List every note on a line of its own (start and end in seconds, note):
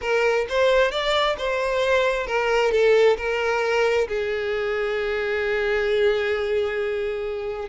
0.01 0.46 A#4
0.49 0.91 C5
0.91 1.36 D5
1.38 2.26 C5
2.26 2.71 A#4
2.71 3.16 A4
3.17 4.07 A#4
4.07 7.68 G#4